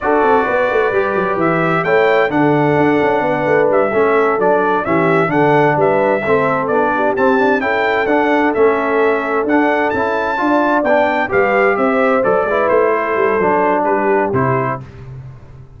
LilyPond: <<
  \new Staff \with { instrumentName = "trumpet" } { \time 4/4 \tempo 4 = 130 d''2. e''4 | g''4 fis''2. | e''4. d''4 e''4 fis''8~ | fis''8 e''2 d''4 a''8~ |
a''8 g''4 fis''4 e''4.~ | e''8 fis''4 a''2 g''8~ | g''8 f''4 e''4 d''4 c''8~ | c''2 b'4 c''4 | }
  \new Staff \with { instrumentName = "horn" } { \time 4/4 a'4 b'2. | cis''4 a'2 b'4~ | b'8 a'2 g'4 a'8~ | a'8 b'4 a'4. g'4~ |
g'8 a'2.~ a'8~ | a'2~ a'8 d''4.~ | d''8 b'4 c''4. b'4 | a'2 g'2 | }
  \new Staff \with { instrumentName = "trombone" } { \time 4/4 fis'2 g'2 | e'4 d'2.~ | d'8 cis'4 d'4 cis'4 d'8~ | d'4. c'4 d'4 c'8 |
d'8 e'4 d'4 cis'4.~ | cis'8 d'4 e'4 f'4 d'8~ | d'8 g'2 a'8 e'4~ | e'4 d'2 e'4 | }
  \new Staff \with { instrumentName = "tuba" } { \time 4/4 d'8 c'8 b8 a8 g8 fis8 e4 | a4 d4 d'8 cis'8 b8 a8 | g8 a4 fis4 e4 d8~ | d8 g4 a4 b4 c'8~ |
c'8 cis'4 d'4 a4.~ | a8 d'4 cis'4 d'4 b8~ | b8 g4 c'4 fis8 gis8 a8~ | a8 g8 fis4 g4 c4 | }
>>